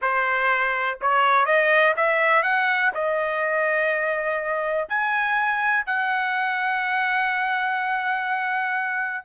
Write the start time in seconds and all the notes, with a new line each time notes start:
0.01 C5
1.01 C#5
1.45 D#5
1.96 E5
2.43 F#5
2.94 D#5
4.88 G#5
5.86 F#5